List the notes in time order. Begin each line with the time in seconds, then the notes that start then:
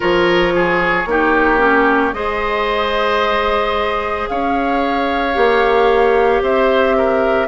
0.00 F3 F4 A#4 C#5
0.55 G#4
1.05 A#3 D#4 G4
1.57 C#4
2.13 G#3 G#4 C5 D#5
4.28 C#4 C#5 F5
5.33 A#3 G4
6.41 C4 C5 E5
6.97 A#4